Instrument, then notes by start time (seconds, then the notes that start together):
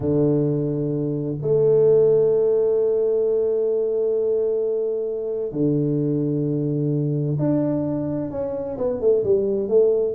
tuba
0.00 D3
1.41 A3
5.52 D3
7.38 D4
8.31 C#4
8.77 B3
9.00 A3
9.23 G3
9.68 A3